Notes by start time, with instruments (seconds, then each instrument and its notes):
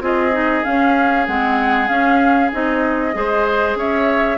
0.00 bassoon C4, clarinet F4, oboe G#4, flute D#5
0.32 clarinet D#4
0.63 clarinet C#4, bassoon C#4, flute F5
1.27 bassoon G#3, clarinet C4, flute F#5
1.88 clarinet C#4, bassoon C#4, flute F5
2.52 bassoon C4, clarinet D#4, flute D#5
3.13 bassoon G#3, clarinet G#4, oboe C5
3.75 bassoon C#4, oboe C#5, flute E5